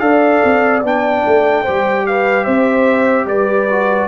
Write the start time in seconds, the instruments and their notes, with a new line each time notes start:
0.00 tuba D4, trombone A4, horn D5, trumpet F5
0.44 tuba C4
0.83 tuba B3, trombone D4, trumpet G5
1.26 tuba A3
1.62 tuba G3, trombone G4, horn C5
2.07 horn B4, trumpet F5
2.44 tuba C4, horn C5, trumpet E5
3.25 tuba G3, horn B4, trumpet D5
3.70 trombone F#4